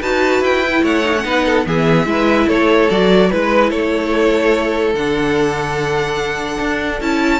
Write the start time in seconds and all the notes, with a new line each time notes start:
0.00 D#4 F#4 B4 A5
0.41 E4 G5
0.64 E4
0.82 A3 C#5 F#5
1.04 D#4
1.16 C#4
1.24 B3 D#4 B4
1.45 A4
1.65 E3 B3 G#4 E5
2.05 G#3 E4 B4
2.47 A3 A4 C#5
2.89 F#3 F#4 D5
3.30 G#3 E4 B4
3.69 A3 A4 C#5
4.93 D3 D4 F#5
6.59 D4
7.00 C#4 E4 A5